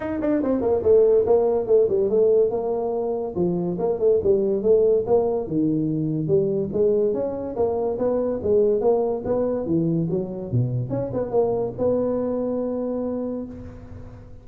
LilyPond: \new Staff \with { instrumentName = "tuba" } { \time 4/4 \tempo 4 = 143 dis'8 d'8 c'8 ais8 a4 ais4 | a8 g8 a4 ais2 | f4 ais8 a8 g4 a4 | ais4 dis2 g4 |
gis4 cis'4 ais4 b4 | gis4 ais4 b4 e4 | fis4 b,4 cis'8 b8 ais4 | b1 | }